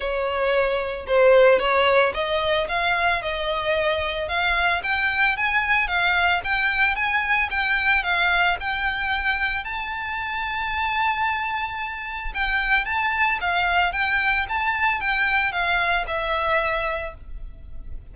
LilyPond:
\new Staff \with { instrumentName = "violin" } { \time 4/4 \tempo 4 = 112 cis''2 c''4 cis''4 | dis''4 f''4 dis''2 | f''4 g''4 gis''4 f''4 | g''4 gis''4 g''4 f''4 |
g''2 a''2~ | a''2. g''4 | a''4 f''4 g''4 a''4 | g''4 f''4 e''2 | }